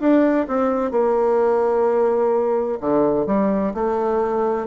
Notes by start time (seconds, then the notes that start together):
0.00 D4
0.48 C4
0.91 A#3
2.80 D3
3.27 G3
3.74 A3